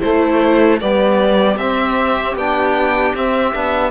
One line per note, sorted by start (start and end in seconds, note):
0.00 0.81 A3
0.00 0.78 E4
0.00 0.79 C5
0.80 1.56 G3
0.80 1.59 B3
0.80 3.91 G4
0.80 1.57 D5
1.56 2.34 C4
1.56 2.37 C4
1.56 2.35 E5
2.35 3.13 B3
2.35 3.15 D4
2.35 3.15 G5
3.14 3.53 C4
3.14 3.54 C4
3.14 3.91 E5
3.54 3.91 B3
3.54 3.91 D4